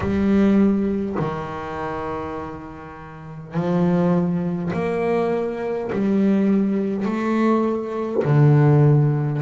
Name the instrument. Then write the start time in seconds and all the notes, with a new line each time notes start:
double bass
0.00 G3
1.19 D#3
3.53 F3
4.73 A#3
5.92 G3
7.05 A3
8.24 D3